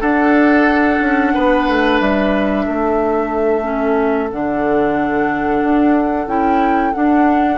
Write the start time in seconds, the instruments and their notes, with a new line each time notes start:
0.00 bassoon D4, clarinet D4, oboe A4, flute F#5
0.99 bassoon C#4
1.34 bassoon B3, oboe B4
1.68 bassoon A3
2.00 bassoon G3, flute E5
2.65 bassoon A3, oboe A4
3.62 clarinet C#4
4.31 bassoon D3, clarinet D4, flute F#5
5.62 bassoon D4
6.26 bassoon C#4, clarinet E4, flute G5
6.93 clarinet D4, bassoon D4, flute F#5